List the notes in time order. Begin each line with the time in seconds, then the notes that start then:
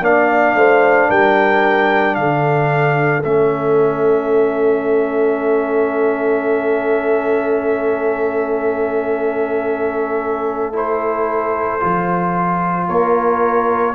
0.00 A#3 D4 D5 F5
0.54 A3 C5
1.08 G3 A#4 G5
2.15 D3 A4 F5
3.24 A3 C#4 E5
10.73 E4 C5
11.80 F3 F4
12.88 A#3 A#4 C#5